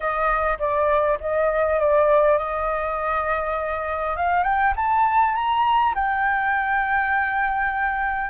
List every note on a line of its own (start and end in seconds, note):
0.00 0.58 D#5
0.58 1.18 D5
1.20 1.79 D#5
1.79 2.38 D5
2.38 4.16 D#5
4.16 4.43 F5
4.43 4.73 G5
4.76 5.34 A5
5.34 5.94 A#5
5.94 8.30 G5